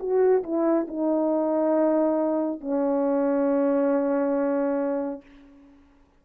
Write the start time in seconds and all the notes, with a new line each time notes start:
0.00 F#4
0.44 E4
0.89 D#4
2.61 C#4